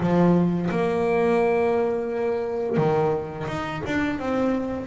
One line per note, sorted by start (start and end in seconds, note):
0.00 0.70 F3
0.70 2.77 A#3
2.77 3.47 D#3
3.47 3.82 D#4
3.86 4.19 D4
4.19 4.86 C4